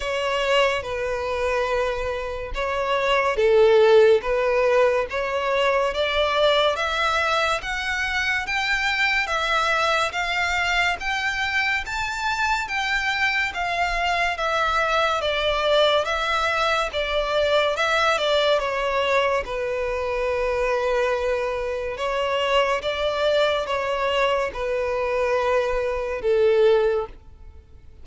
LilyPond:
\new Staff \with { instrumentName = "violin" } { \time 4/4 \tempo 4 = 71 cis''4 b'2 cis''4 | a'4 b'4 cis''4 d''4 | e''4 fis''4 g''4 e''4 | f''4 g''4 a''4 g''4 |
f''4 e''4 d''4 e''4 | d''4 e''8 d''8 cis''4 b'4~ | b'2 cis''4 d''4 | cis''4 b'2 a'4 | }